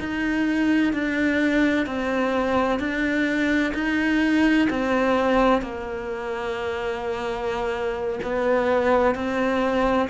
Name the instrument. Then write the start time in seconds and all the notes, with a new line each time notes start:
cello
0.00 D#4
0.94 D4
1.87 C4
2.80 D4
3.75 D#4
4.70 C4
5.62 A#3
8.23 B3
9.15 C4